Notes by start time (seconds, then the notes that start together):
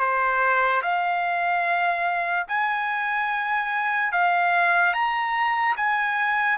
0.00 C5
0.83 F5
2.48 G#5
4.12 F5
4.94 A#5
5.77 G#5